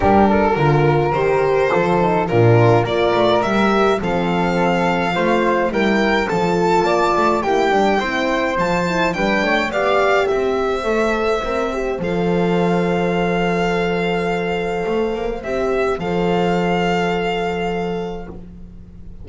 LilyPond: <<
  \new Staff \with { instrumentName = "violin" } { \time 4/4 \tempo 4 = 105 ais'2 c''2 | ais'4 d''4 e''4 f''4~ | f''2 g''4 a''4~ | a''4 g''2 a''4 |
g''4 f''4 e''2~ | e''4 f''2.~ | f''2. e''4 | f''1 | }
  \new Staff \with { instrumentName = "flute" } { \time 4/4 g'8 a'8 ais'2 a'4 | f'4 ais'2 a'4~ | a'4 c''4 ais'4 a'4 | d''4 g'4 c''2 |
b'8 cis''8 d''4 c''2~ | c''1~ | c''1~ | c''1 | }
  \new Staff \with { instrumentName = "horn" } { \time 4/4 d'4 f'4 g'4 f'8 dis'8 | d'4 f'4 g'4 c'4~ | c'4 f'4 e'4 f'4~ | f'4 e'8 d'8 e'4 f'8 e'8 |
d'4 g'2 a'4 | ais'8 g'8 a'2.~ | a'2. g'4 | a'1 | }
  \new Staff \with { instrumentName = "double bass" } { \time 4/4 g4 d4 dis4 f4 | ais,4 ais8 a8 g4 f4~ | f4 a4 g4 f4 | ais8 a8 ais8 g8 c'4 f4 |
g8 a8 b4 c'4 a4 | c'4 f2.~ | f2 a8 ais8 c'4 | f1 | }
>>